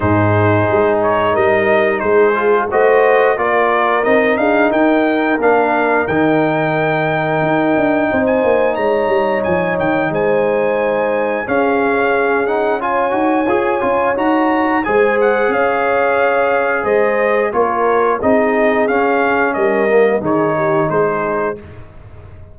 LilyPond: <<
  \new Staff \with { instrumentName = "trumpet" } { \time 4/4 \tempo 4 = 89 c''4. cis''8 dis''4 c''4 | dis''4 d''4 dis''8 f''8 g''4 | f''4 g''2.~ | g''16 gis''8. ais''4 gis''8 g''8 gis''4~ |
gis''4 f''4. fis''8 gis''4~ | gis''4 ais''4 gis''8 fis''8 f''4~ | f''4 dis''4 cis''4 dis''4 | f''4 dis''4 cis''4 c''4 | }
  \new Staff \with { instrumentName = "horn" } { \time 4/4 gis'2 ais'4 gis'4 | c''4 ais'4. gis'8 ais'4~ | ais'1 | c''4 cis''2 c''4~ |
c''4 gis'2 cis''4~ | cis''2 c''4 cis''4~ | cis''4 c''4 ais'4 gis'4~ | gis'4 ais'4 gis'8 g'8 gis'4 | }
  \new Staff \with { instrumentName = "trombone" } { \time 4/4 dis'2.~ dis'8 f'8 | fis'4 f'4 dis'2 | d'4 dis'2.~ | dis'1~ |
dis'4 cis'4. dis'8 f'8 fis'8 | gis'8 f'8 fis'4 gis'2~ | gis'2 f'4 dis'4 | cis'4. ais8 dis'2 | }
  \new Staff \with { instrumentName = "tuba" } { \time 4/4 gis,4 gis4 g4 gis4 | a4 ais4 c'8 d'8 dis'4 | ais4 dis2 dis'8 d'8 | c'8 ais8 gis8 g8 f8 dis8 gis4~ |
gis4 cis'2~ cis'8 dis'8 | f'8 cis'8 dis'4 gis4 cis'4~ | cis'4 gis4 ais4 c'4 | cis'4 g4 dis4 gis4 | }
>>